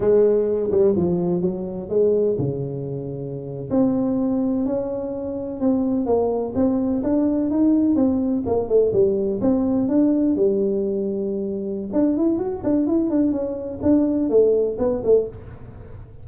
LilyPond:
\new Staff \with { instrumentName = "tuba" } { \time 4/4 \tempo 4 = 126 gis4. g8 f4 fis4 | gis4 cis2~ cis8. c'16~ | c'4.~ c'16 cis'2 c'16~ | c'8. ais4 c'4 d'4 dis'16~ |
dis'8. c'4 ais8 a8 g4 c'16~ | c'8. d'4 g2~ g16~ | g4 d'8 e'8 fis'8 d'8 e'8 d'8 | cis'4 d'4 a4 b8 a8 | }